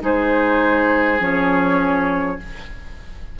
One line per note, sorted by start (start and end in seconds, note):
0.00 1.19 G#3
0.00 1.18 D#4
0.00 2.38 G#4
0.00 1.22 C5
1.19 2.37 F3
1.19 2.38 C#4
1.19 2.39 C#5